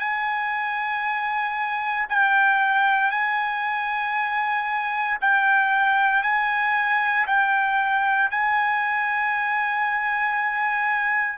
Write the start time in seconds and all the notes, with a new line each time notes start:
0.00 G#5
2.09 G5
3.11 G#5
5.22 G5
6.23 G#5
7.27 G5
8.31 G#5